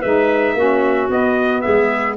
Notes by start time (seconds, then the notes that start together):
0.00 G#3 D#4 B4 E5
0.55 A#3 C#4 F#4
1.10 B3 D#5
1.62 G#4 E5
1.68 G#3